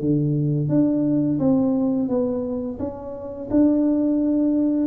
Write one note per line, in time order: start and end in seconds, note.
0.00 0.69 D3
0.69 1.39 D4
1.39 2.09 C4
2.09 2.79 B3
2.79 3.49 C#4
3.51 4.87 D4